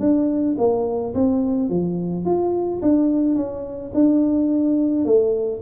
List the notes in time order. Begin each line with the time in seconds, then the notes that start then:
0.00 D4
0.58 A#3
1.14 C4
1.69 F3
2.25 F4
2.82 D4
3.36 C#4
3.94 D4
5.05 A3